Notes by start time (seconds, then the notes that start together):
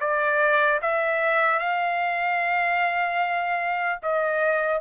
0.00 D5
0.81 E5
1.59 F5
4.03 D#5